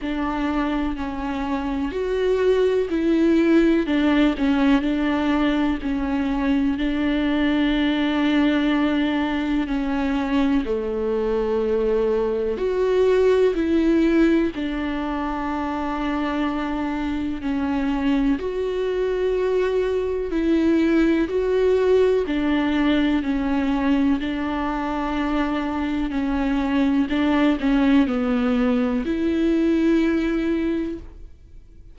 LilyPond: \new Staff \with { instrumentName = "viola" } { \time 4/4 \tempo 4 = 62 d'4 cis'4 fis'4 e'4 | d'8 cis'8 d'4 cis'4 d'4~ | d'2 cis'4 a4~ | a4 fis'4 e'4 d'4~ |
d'2 cis'4 fis'4~ | fis'4 e'4 fis'4 d'4 | cis'4 d'2 cis'4 | d'8 cis'8 b4 e'2 | }